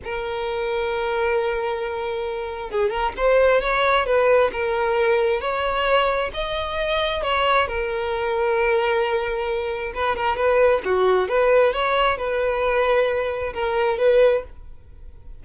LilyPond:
\new Staff \with { instrumentName = "violin" } { \time 4/4 \tempo 4 = 133 ais'1~ | ais'2 gis'8 ais'8 c''4 | cis''4 b'4 ais'2 | cis''2 dis''2 |
cis''4 ais'2.~ | ais'2 b'8 ais'8 b'4 | fis'4 b'4 cis''4 b'4~ | b'2 ais'4 b'4 | }